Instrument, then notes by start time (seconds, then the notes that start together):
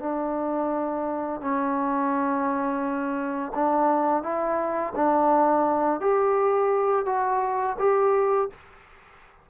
trombone
0.00 D4
1.41 C#4
3.55 D4
4.23 E4
4.96 D4
6.01 G4
7.06 F#4
7.79 G4